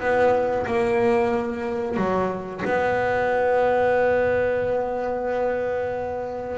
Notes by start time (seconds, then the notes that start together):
0.00 B3
0.67 A#3
1.97 F#3
2.65 B3